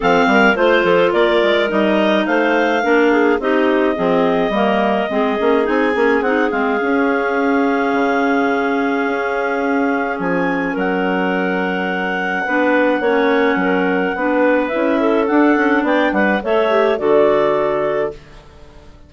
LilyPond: <<
  \new Staff \with { instrumentName = "clarinet" } { \time 4/4 \tempo 4 = 106 f''4 c''4 d''4 dis''4 | f''2 dis''2~ | dis''2 gis''4 fis''8 f''8~ | f''1~ |
f''2 gis''4 fis''4~ | fis''1~ | fis''2 e''4 fis''4 | g''8 fis''8 e''4 d''2 | }
  \new Staff \with { instrumentName = "clarinet" } { \time 4/4 a'8 ais'8 c''8 a'8 ais'2 | c''4 ais'8 gis'8 g'4 gis'4 | ais'4 gis'2.~ | gis'1~ |
gis'2. ais'4~ | ais'2 b'4 cis''4 | ais'4 b'4. a'4. | d''8 b'8 cis''4 a'2 | }
  \new Staff \with { instrumentName = "clarinet" } { \time 4/4 c'4 f'2 dis'4~ | dis'4 d'4 dis'4 c'4 | ais4 c'8 cis'8 dis'8 cis'8 dis'8 c'8 | cis'1~ |
cis'1~ | cis'2 d'4 cis'4~ | cis'4 d'4 e'4 d'4~ | d'4 a'8 g'8 fis'2 | }
  \new Staff \with { instrumentName = "bassoon" } { \time 4/4 f8 g8 a8 f8 ais8 gis8 g4 | a4 ais4 c'4 f4 | g4 gis8 ais8 c'8 ais8 c'8 gis8 | cis'2 cis2 |
cis'2 f4 fis4~ | fis2 b4 ais4 | fis4 b4 cis'4 d'8 cis'8 | b8 g8 a4 d2 | }
>>